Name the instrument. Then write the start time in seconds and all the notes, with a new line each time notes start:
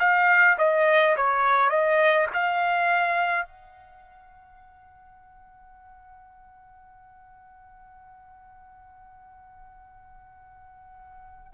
trumpet
0.00 F5
0.58 D#5
1.16 C#5
1.70 D#5
2.34 F5
3.46 F#5